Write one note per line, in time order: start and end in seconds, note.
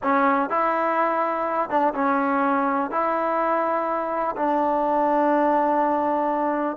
0.02 0.49 C#4
0.49 1.69 E4
1.69 1.93 D4
1.94 2.90 C#4
2.90 4.35 E4
4.36 6.76 D4